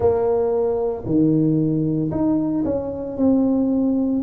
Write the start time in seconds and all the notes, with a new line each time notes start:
0.00 A#3
1.05 D#3
2.11 D#4
2.65 C#4
3.17 C4